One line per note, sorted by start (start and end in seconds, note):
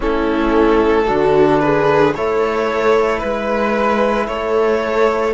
0.00 1.10 A3
0.00 1.06 C#4
0.00 1.06 E4
0.00 1.59 A4
1.06 2.16 D3
1.06 2.13 D4
1.06 1.59 F#4
1.59 2.15 G#4
1.59 2.13 B4
2.15 3.23 A3
2.15 5.33 E4
2.15 3.21 A4
2.15 3.19 C#5
3.19 4.27 G#3
3.19 4.26 B4
3.19 4.28 B4
4.27 5.33 A3
4.27 5.33 A4
4.27 5.33 C#5